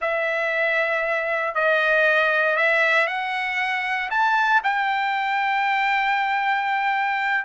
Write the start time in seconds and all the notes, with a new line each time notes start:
0.01 E5
1.54 D#5
2.56 E5
3.07 F#5
4.10 A5
4.63 G5